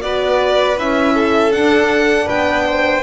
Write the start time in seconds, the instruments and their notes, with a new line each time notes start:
0.00 double bass B3, horn F#4, violin B4 D5
0.76 double bass C#4, horn E4, violin E5
1.14 violin A4
1.52 horn D4, double bass D4, violin F#5
2.26 double bass B3, violin B4 G5
2.66 violin C5